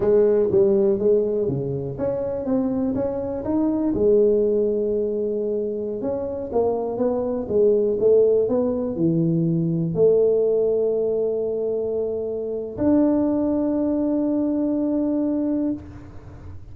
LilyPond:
\new Staff \with { instrumentName = "tuba" } { \time 4/4 \tempo 4 = 122 gis4 g4 gis4 cis4 | cis'4 c'4 cis'4 dis'4 | gis1~ | gis16 cis'4 ais4 b4 gis8.~ |
gis16 a4 b4 e4.~ e16~ | e16 a2.~ a8.~ | a2 d'2~ | d'1 | }